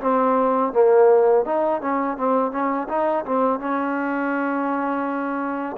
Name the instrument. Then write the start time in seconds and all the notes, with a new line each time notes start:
trombone
0.00 C4
0.73 A#3
1.45 D#4
1.81 C#4
2.17 C4
2.51 C#4
2.88 D#4
3.25 C4
3.59 C#4